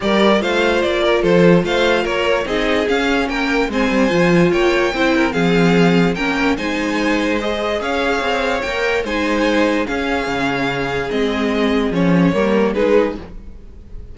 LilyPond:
<<
  \new Staff \with { instrumentName = "violin" } { \time 4/4 \tempo 4 = 146 d''4 f''4 d''4 c''4 | f''4 cis''4 dis''4 f''4 | g''4 gis''2 g''4~ | g''4 f''2 g''4 |
gis''2 dis''4 f''4~ | f''4 g''4 gis''2 | f''2. dis''4~ | dis''4 cis''2 b'4 | }
  \new Staff \with { instrumentName = "violin" } { \time 4/4 ais'4 c''4. ais'8 a'4 | c''4 ais'4 gis'2 | ais'4 c''2 cis''4 | c''8 ais'8 gis'2 ais'4 |
c''2. cis''4~ | cis''2 c''2 | gis'1~ | gis'2 ais'4 gis'4 | }
  \new Staff \with { instrumentName = "viola" } { \time 4/4 g'4 f'2.~ | f'2 dis'4 cis'4~ | cis'4 c'4 f'2 | e'4 c'2 cis'4 |
dis'2 gis'2~ | gis'4 ais'4 dis'2 | cis'2. c'4~ | c'4 cis'4 ais4 dis'4 | }
  \new Staff \with { instrumentName = "cello" } { \time 4/4 g4 a4 ais4 f4 | a4 ais4 c'4 cis'4 | ais4 gis8 g8 f4 ais4 | c'4 f2 ais4 |
gis2. cis'4 | c'4 ais4 gis2 | cis'4 cis2 gis4~ | gis4 f4 g4 gis4 | }
>>